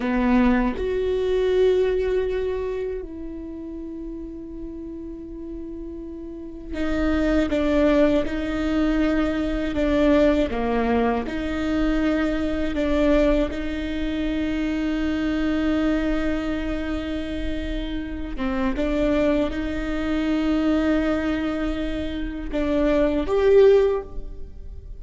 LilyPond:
\new Staff \with { instrumentName = "viola" } { \time 4/4 \tempo 4 = 80 b4 fis'2. | e'1~ | e'4 dis'4 d'4 dis'4~ | dis'4 d'4 ais4 dis'4~ |
dis'4 d'4 dis'2~ | dis'1~ | dis'8 c'8 d'4 dis'2~ | dis'2 d'4 g'4 | }